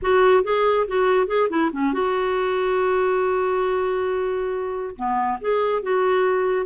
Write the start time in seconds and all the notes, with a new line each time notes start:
0.02 F#4
0.43 G#4
0.87 F#4
1.27 G#4
1.49 E4
1.72 C#4
1.93 F#4
4.95 B3
5.40 G#4
5.82 F#4